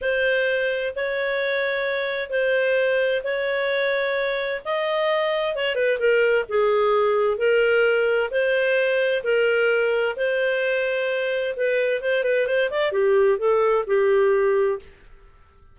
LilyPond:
\new Staff \with { instrumentName = "clarinet" } { \time 4/4 \tempo 4 = 130 c''2 cis''2~ | cis''4 c''2 cis''4~ | cis''2 dis''2 | cis''8 b'8 ais'4 gis'2 |
ais'2 c''2 | ais'2 c''2~ | c''4 b'4 c''8 b'8 c''8 d''8 | g'4 a'4 g'2 | }